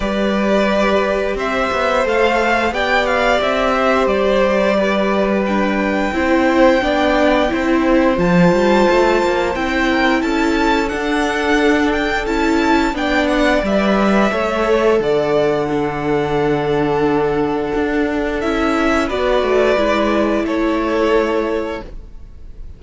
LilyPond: <<
  \new Staff \with { instrumentName = "violin" } { \time 4/4 \tempo 4 = 88 d''2 e''4 f''4 | g''8 f''8 e''4 d''2 | g''1 | a''2 g''4 a''4 |
fis''4. g''8 a''4 g''8 fis''8 | e''2 fis''2~ | fis''2. e''4 | d''2 cis''2 | }
  \new Staff \with { instrumentName = "violin" } { \time 4/4 b'2 c''2 | d''4. c''4. b'4~ | b'4 c''4 d''4 c''4~ | c''2~ c''8 ais'8 a'4~ |
a'2. d''4~ | d''4 cis''4 d''4 a'4~ | a'1 | b'2 a'2 | }
  \new Staff \with { instrumentName = "viola" } { \time 4/4 g'2. a'4 | g'1 | d'4 e'4 d'4 e'4 | f'2 e'2 |
d'2 e'4 d'4 | b'4 a'2 d'4~ | d'2. e'4 | fis'4 e'2. | }
  \new Staff \with { instrumentName = "cello" } { \time 4/4 g2 c'8 b8 a4 | b4 c'4 g2~ | g4 c'4 b4 c'4 | f8 g8 a8 ais8 c'4 cis'4 |
d'2 cis'4 b4 | g4 a4 d2~ | d2 d'4 cis'4 | b8 a8 gis4 a2 | }
>>